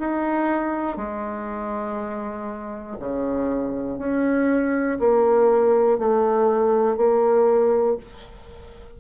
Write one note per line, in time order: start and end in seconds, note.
0.00 0.97 D#4
0.97 2.97 G#3
3.00 3.99 C#3
3.99 4.99 C#4
5.00 5.99 A#3
5.99 6.97 A3
6.97 7.97 A#3